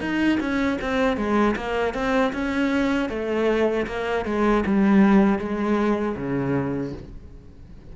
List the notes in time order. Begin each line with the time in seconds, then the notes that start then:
0.00 D#4
0.40 C#4
0.81 C4
1.16 G#3
1.56 A#3
1.94 C4
2.33 C#4
3.09 A3
3.86 A#3
4.25 G#3
4.66 G3
5.38 G#3
6.16 C#3